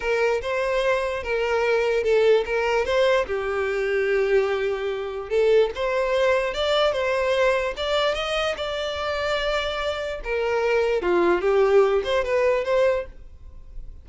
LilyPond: \new Staff \with { instrumentName = "violin" } { \time 4/4 \tempo 4 = 147 ais'4 c''2 ais'4~ | ais'4 a'4 ais'4 c''4 | g'1~ | g'4 a'4 c''2 |
d''4 c''2 d''4 | dis''4 d''2.~ | d''4 ais'2 f'4 | g'4. c''8 b'4 c''4 | }